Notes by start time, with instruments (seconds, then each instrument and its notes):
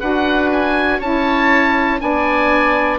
0.00 bassoon D4, saxophone F#4, oboe B4 F#5
0.52 oboe G#5
0.98 bassoon C#4, saxophone E4, oboe C#5 A5
1.99 bassoon B3, saxophone D4, oboe D5 G#5